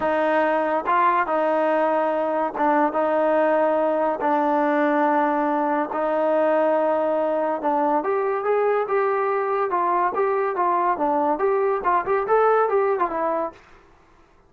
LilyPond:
\new Staff \with { instrumentName = "trombone" } { \time 4/4 \tempo 4 = 142 dis'2 f'4 dis'4~ | dis'2 d'4 dis'4~ | dis'2 d'2~ | d'2 dis'2~ |
dis'2 d'4 g'4 | gis'4 g'2 f'4 | g'4 f'4 d'4 g'4 | f'8 g'8 a'4 g'8. f'16 e'4 | }